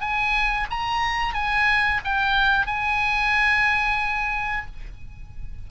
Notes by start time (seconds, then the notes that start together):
0.00 G#5
0.70 A#5
1.34 G#5
2.04 G5
2.66 G#5